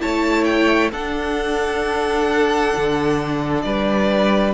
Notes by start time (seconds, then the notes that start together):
0.00 A3 E4 C#5 A5
0.44 G5
0.92 D4 A4 F#5
2.76 D3
3.62 G3 B4 D5